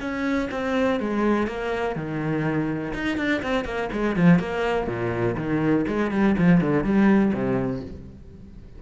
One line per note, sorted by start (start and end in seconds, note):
0.00 0.49 C#4
0.51 1.00 C4
1.00 1.47 G#3
1.47 1.95 A#3
1.95 2.93 D#3
2.94 3.17 D#4
3.17 3.41 D4
3.42 3.65 C4
3.65 3.89 A#3
3.92 4.16 G#3
4.16 4.39 F3
4.39 4.87 A#3
4.87 5.36 A#2
5.37 5.85 D#3
5.88 6.11 G#3
6.11 6.35 G3
6.38 6.61 F3
6.61 6.84 D3
6.84 7.32 G3
7.33 7.82 C3